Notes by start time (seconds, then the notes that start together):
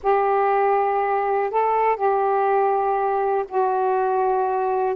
0.02 G4
1.50 A4
1.96 G4
3.48 F#4